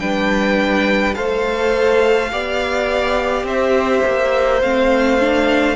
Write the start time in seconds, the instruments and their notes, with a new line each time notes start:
0.00 cello G3, viola D4, violin B4 G5
1.15 cello A3, viola A4, violin C5 F5
2.32 cello B3, viola G4, violin D5
3.44 cello C4, violin C5 E5
4.06 cello A#3
4.62 cello A3, viola C4, violin F5
5.21 viola D4